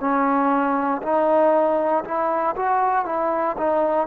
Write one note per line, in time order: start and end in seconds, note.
0.00 1.02 C#4
1.02 2.03 D#4
2.04 2.55 E4
2.56 3.05 F#4
3.05 3.56 E4
3.57 4.07 D#4